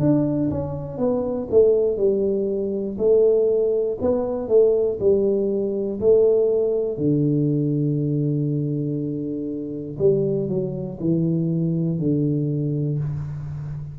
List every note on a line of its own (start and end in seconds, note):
0.00 0.50 D4
0.51 0.98 C#4
0.98 1.48 B3
1.51 1.97 A3
1.97 2.97 G3
2.98 3.98 A3
4.01 4.49 B3
4.49 4.99 A3
5.00 6.00 G3
6.00 6.98 A3
6.98 9.98 D3
9.99 10.49 G3
10.49 10.99 F#3
11.00 12.00 E3
12.00 13.00 D3